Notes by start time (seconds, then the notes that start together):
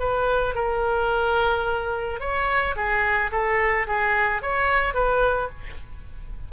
0.00 B4
0.55 A#4
2.20 C#5
2.76 G#4
3.32 A4
3.87 G#4
4.42 C#5
4.94 B4